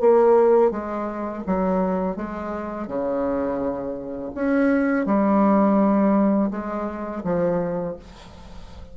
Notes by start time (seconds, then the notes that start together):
0.00 A#3
0.71 G#3
1.47 F#3
2.16 G#3
2.87 C#3
4.35 C#4
5.06 G3
6.51 G#3
7.24 F3